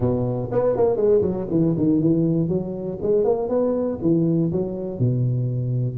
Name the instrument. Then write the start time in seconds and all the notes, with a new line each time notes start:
tuba
0.00 B2
0.51 B3
0.76 A#3
0.96 G#3
1.21 F#3
1.50 E3
1.77 D#3
2.00 E3
2.48 F#3
3.02 G#3
3.24 A#3
3.49 B3
4.01 E3
4.52 F#3
4.99 B2